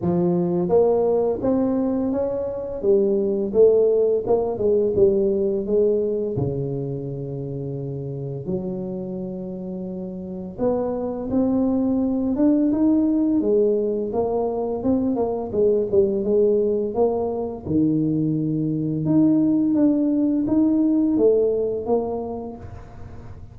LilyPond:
\new Staff \with { instrumentName = "tuba" } { \time 4/4 \tempo 4 = 85 f4 ais4 c'4 cis'4 | g4 a4 ais8 gis8 g4 | gis4 cis2. | fis2. b4 |
c'4. d'8 dis'4 gis4 | ais4 c'8 ais8 gis8 g8 gis4 | ais4 dis2 dis'4 | d'4 dis'4 a4 ais4 | }